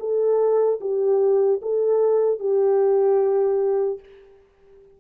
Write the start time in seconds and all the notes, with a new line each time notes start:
0.00 A4
0.81 G4
1.62 A4
2.40 G4